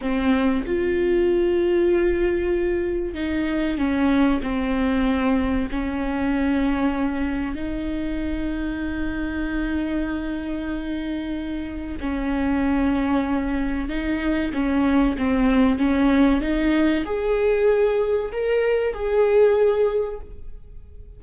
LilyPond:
\new Staff \with { instrumentName = "viola" } { \time 4/4 \tempo 4 = 95 c'4 f'2.~ | f'4 dis'4 cis'4 c'4~ | c'4 cis'2. | dis'1~ |
dis'2. cis'4~ | cis'2 dis'4 cis'4 | c'4 cis'4 dis'4 gis'4~ | gis'4 ais'4 gis'2 | }